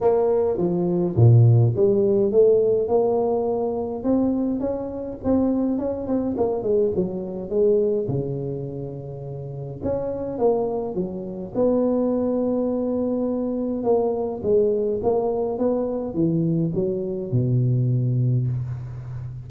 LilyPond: \new Staff \with { instrumentName = "tuba" } { \time 4/4 \tempo 4 = 104 ais4 f4 ais,4 g4 | a4 ais2 c'4 | cis'4 c'4 cis'8 c'8 ais8 gis8 | fis4 gis4 cis2~ |
cis4 cis'4 ais4 fis4 | b1 | ais4 gis4 ais4 b4 | e4 fis4 b,2 | }